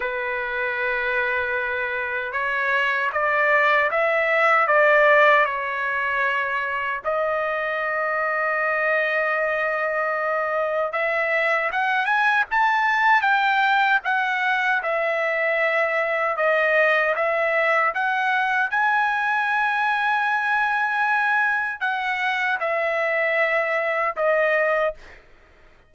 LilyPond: \new Staff \with { instrumentName = "trumpet" } { \time 4/4 \tempo 4 = 77 b'2. cis''4 | d''4 e''4 d''4 cis''4~ | cis''4 dis''2.~ | dis''2 e''4 fis''8 gis''8 |
a''4 g''4 fis''4 e''4~ | e''4 dis''4 e''4 fis''4 | gis''1 | fis''4 e''2 dis''4 | }